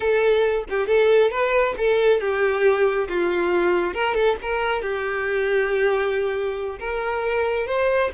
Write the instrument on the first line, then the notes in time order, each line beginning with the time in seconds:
violin
0.00 A4
0.69 G4
0.87 A4
1.30 B4
1.77 A4
2.20 G4
3.08 F4
3.94 A#4
4.14 A4
4.42 A#4
4.82 G4
6.79 A#4
7.66 C5